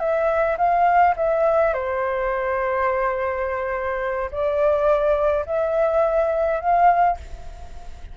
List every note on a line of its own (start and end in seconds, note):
0.00 0.57 E5
0.58 1.15 F5
1.17 1.74 E5
1.74 4.31 C5
4.31 5.46 D5
5.46 6.61 E5
6.61 7.18 F5